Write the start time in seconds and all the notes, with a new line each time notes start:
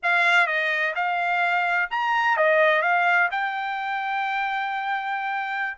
0.03 F5
0.47 D#5
0.95 F5
1.90 A#5
2.36 D#5
2.82 F5
3.31 G5